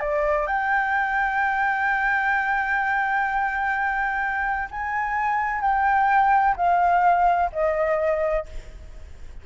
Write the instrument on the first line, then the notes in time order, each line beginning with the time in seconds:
flute
0.00 D5
0.47 G5
4.70 G#5
5.61 G5
6.56 F5
7.52 D#5